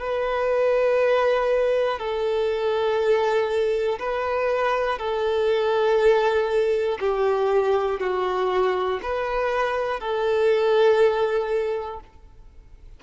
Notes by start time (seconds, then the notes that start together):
0.00 B4
2.00 A4
4.00 B4
4.99 A4
7.00 G4
8.00 F#4
9.03 B4
10.00 A4